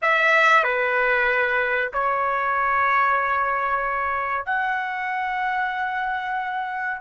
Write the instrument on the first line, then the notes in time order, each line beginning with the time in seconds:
trumpet
0.02 E5
0.63 B4
1.93 C#5
4.45 F#5